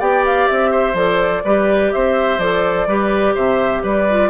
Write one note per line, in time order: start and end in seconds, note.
0.00 0.48 B3
0.00 0.95 G4
0.00 0.71 D5
0.00 0.25 G5
0.26 0.48 F5
0.48 0.94 C4
0.48 0.96 E5
0.71 1.43 C5
0.94 1.42 F3
0.94 1.43 A4
0.94 1.93 D5
1.45 1.93 G3
1.45 2.41 G4
1.45 1.93 B4
1.93 2.39 C4
1.93 2.88 C5
1.93 2.39 E5
2.39 2.87 F3
2.39 2.89 A4
2.39 3.35 D5
2.87 3.35 G3
2.87 4.09 G4
2.87 3.35 B4
3.35 3.84 C3
3.35 3.83 C5
3.35 3.84 E5
3.83 4.30 G3
3.83 4.30 B4
3.83 4.30 D5
4.11 4.30 F4